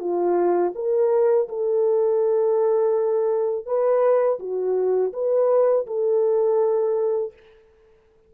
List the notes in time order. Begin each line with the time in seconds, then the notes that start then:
0.00 F4
0.75 A#4
1.49 A4
3.66 B4
4.39 F#4
5.13 B4
5.87 A4